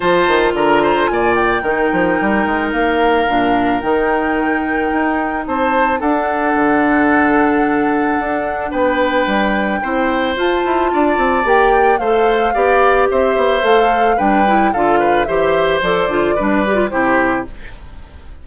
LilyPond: <<
  \new Staff \with { instrumentName = "flute" } { \time 4/4 \tempo 4 = 110 a''4 ais''4 gis''8 g''4.~ | g''4 f''2 g''4~ | g''2 a''4 fis''4~ | fis''1 |
g''2. a''4~ | a''4 g''4 f''2 | e''4 f''4 g''4 f''4 | e''4 d''2 c''4 | }
  \new Staff \with { instrumentName = "oboe" } { \time 4/4 c''4 ais'8 c''8 d''4 ais'4~ | ais'1~ | ais'2 c''4 a'4~ | a'1 |
b'2 c''2 | d''2 c''4 d''4 | c''2 b'4 a'8 b'8 | c''2 b'4 g'4 | }
  \new Staff \with { instrumentName = "clarinet" } { \time 4/4 f'2. dis'4~ | dis'2 d'4 dis'4~ | dis'2. d'4~ | d'1~ |
d'2 e'4 f'4~ | f'4 g'4 a'4 g'4~ | g'4 a'4 d'8 e'8 f'4 | g'4 a'8 f'8 d'8 g'16 f'16 e'4 | }
  \new Staff \with { instrumentName = "bassoon" } { \time 4/4 f8 dis8 d4 ais,4 dis8 f8 | g8 gis8 ais4 ais,4 dis4~ | dis4 dis'4 c'4 d'4 | d2. d'4 |
b4 g4 c'4 f'8 e'8 | d'8 c'8 ais4 a4 b4 | c'8 b8 a4 g4 d4 | e4 f8 d8 g4 c4 | }
>>